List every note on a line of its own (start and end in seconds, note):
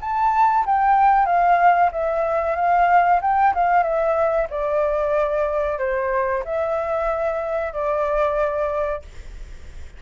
0.00 0.65 A5
0.65 1.25 G5
1.25 1.90 F5
1.91 2.55 E5
2.55 3.20 F5
3.21 3.53 G5
3.54 3.82 F5
3.82 4.47 E5
4.49 5.78 D5
5.78 6.43 C5
6.44 7.72 E5
7.72 9.01 D5